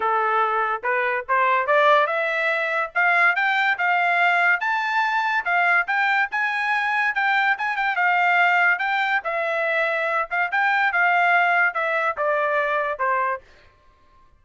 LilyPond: \new Staff \with { instrumentName = "trumpet" } { \time 4/4 \tempo 4 = 143 a'2 b'4 c''4 | d''4 e''2 f''4 | g''4 f''2 a''4~ | a''4 f''4 g''4 gis''4~ |
gis''4 g''4 gis''8 g''8 f''4~ | f''4 g''4 e''2~ | e''8 f''8 g''4 f''2 | e''4 d''2 c''4 | }